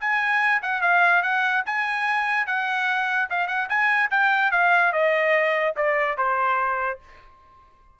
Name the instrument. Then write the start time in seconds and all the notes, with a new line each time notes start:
trumpet
0.00 G#5
0.62 F#5
0.81 F5
1.23 F#5
1.66 G#5
2.47 F#5
3.30 F5
3.47 F#5
3.69 G#5
4.10 G5
4.51 F5
4.93 D#5
5.76 D5
6.17 C5